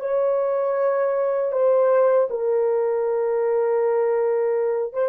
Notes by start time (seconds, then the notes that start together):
0.00 C#5
1.52 C5
2.30 A#4
4.93 C5